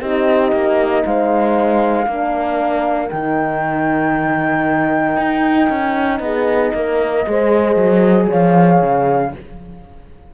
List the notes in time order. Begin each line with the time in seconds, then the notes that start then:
0.00 C4 D#4 G4 D#5
0.52 A#3
1.06 G#3 C5 F5
2.07 A#3 D4 A#4
3.10 D#3 D#4 G5
5.17 D#4
5.70 C#4
6.20 B3 G#4 D#5
6.75 A#3 A#4
7.26 G#3 G#4 C5
7.77 F#3
8.29 F3 C#5 F5
8.82 C#3